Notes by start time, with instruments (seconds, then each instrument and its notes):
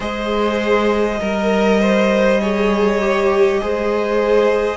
0.00 cello G#3, viola G#4, violin C5 D#5
1.19 cello G3, viola A#4, violin A#4
1.80 violin C5
2.41 viola G#4, violin C#5
3.01 viola G4
3.61 cello G#3, viola G#4, violin C5